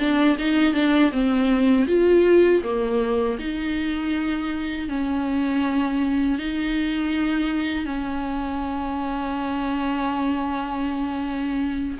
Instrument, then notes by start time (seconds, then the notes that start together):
viola
0.00 D4
0.39 D#4
0.74 D4
1.12 C4
1.88 F4
2.64 A#3
3.40 D#4
4.89 C#4
6.39 D#4
7.86 C#4